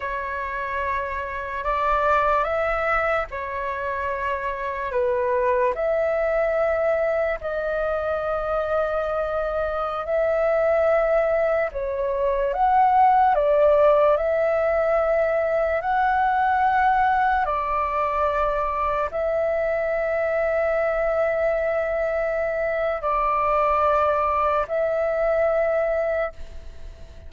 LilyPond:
\new Staff \with { instrumentName = "flute" } { \time 4/4 \tempo 4 = 73 cis''2 d''4 e''4 | cis''2 b'4 e''4~ | e''4 dis''2.~ | dis''16 e''2 cis''4 fis''8.~ |
fis''16 d''4 e''2 fis''8.~ | fis''4~ fis''16 d''2 e''8.~ | e''1 | d''2 e''2 | }